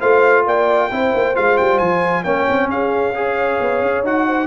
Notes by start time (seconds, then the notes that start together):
0.00 A3 F4 C5 F5
0.47 A#3 D5 G5
0.91 C4 E4 C5
1.14 A#3
1.35 G#3 F4 F5
1.58 G3 G5
1.79 F3 G#5
2.24 A#3 C#4 C#5 G5
2.49 C4
2.69 C#4 G#4 F5
3.15 G#4 C#5
3.60 B3
3.81 C#4
4.03 D#4 F#4 F#5
4.27 C5